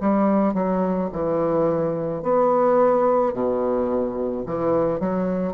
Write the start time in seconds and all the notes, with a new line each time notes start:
0.00 G3
0.54 F#3
1.12 E3
2.23 B3
3.33 B2
4.45 E3
5.00 F#3